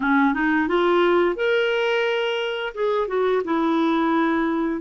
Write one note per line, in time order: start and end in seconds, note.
0.00 0.34 C#4
0.34 0.68 D#4
0.68 1.35 F4
1.35 2.73 A#4
2.74 3.07 G#4
3.07 3.42 F#4
3.44 4.81 E4